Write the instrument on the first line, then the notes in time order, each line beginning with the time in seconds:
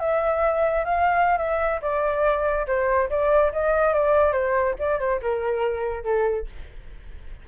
flute
0.00 E5
0.85 F5
1.38 E5
1.82 D5
2.67 C5
3.10 D5
3.53 D#5
3.94 D5
4.33 C5
4.79 D5
5.00 C5
5.22 A#4
6.04 A4